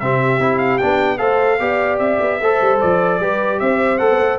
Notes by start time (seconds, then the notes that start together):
0.00 C3 C4 G4 E5
0.39 C4 E4
0.59 F5
0.79 B3 D4 G5
1.18 A3 A4 C5 F5
1.60 B3 G4 D5
1.99 C4 E5
2.21 B3
2.40 A3 A4 C5
2.61 G3
2.81 F3 D5
3.20 G3 G4 B4
3.60 C4 C5 E5
3.98 A3 A4 F#5
4.11 B3
4.20 A3